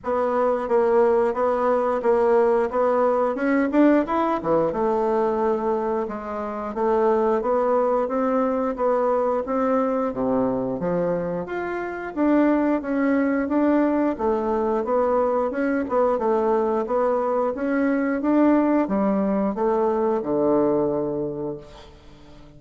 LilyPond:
\new Staff \with { instrumentName = "bassoon" } { \time 4/4 \tempo 4 = 89 b4 ais4 b4 ais4 | b4 cis'8 d'8 e'8 e8 a4~ | a4 gis4 a4 b4 | c'4 b4 c'4 c4 |
f4 f'4 d'4 cis'4 | d'4 a4 b4 cis'8 b8 | a4 b4 cis'4 d'4 | g4 a4 d2 | }